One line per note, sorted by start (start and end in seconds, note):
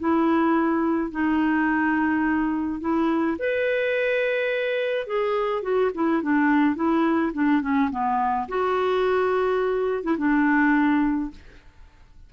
0.00 1.11 E4
1.11 2.81 D#4
2.81 3.37 E4
3.39 5.07 B4
5.07 5.63 G#4
5.63 5.91 F#4
5.95 6.23 E4
6.23 6.76 D4
6.76 7.33 E4
7.34 7.62 D4
7.62 7.90 C#4
7.91 8.48 B3
8.49 10.03 F#4
10.03 10.18 E4
10.18 11.31 D4